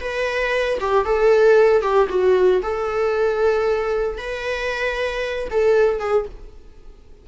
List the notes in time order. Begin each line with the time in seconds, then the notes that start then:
0.00 B4
0.80 G4
1.05 A4
1.81 G4
2.09 F#4
2.62 A4
4.18 B4
5.50 A4
5.99 G#4